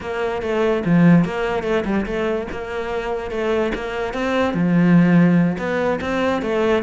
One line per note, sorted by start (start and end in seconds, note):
0.00 0.42 A#3
0.42 0.83 A3
0.85 1.25 F3
1.25 1.63 A#3
1.63 1.83 A3
1.85 2.05 G3
2.06 2.47 A3
2.51 3.30 A#3
3.30 3.72 A3
3.74 4.13 A#3
4.13 4.53 C4
4.53 5.57 F3
5.58 5.99 B3
6.00 6.42 C4
6.42 6.83 A3